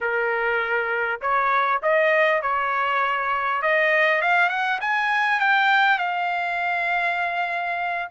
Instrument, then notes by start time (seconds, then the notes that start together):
trumpet
0.00 A#4
1.21 C#5
1.82 D#5
2.42 C#5
3.62 D#5
4.21 F5
4.49 F#5
4.80 G#5
5.40 G5
5.98 F5